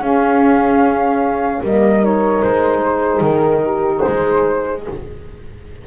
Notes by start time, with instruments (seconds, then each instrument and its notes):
0.00 double bass C#4, saxophone C#4, horn G#4, flute F5
1.62 double bass G3, saxophone A#3, horn A#4, flute D#5
2.02 saxophone D#4, flute C#5
2.43 double bass G#3, flute C5
2.82 horn G#4
3.20 double bass D#3, flute A#4
3.64 horn G4
4.00 horn G#4, flute C5
4.07 double bass G#3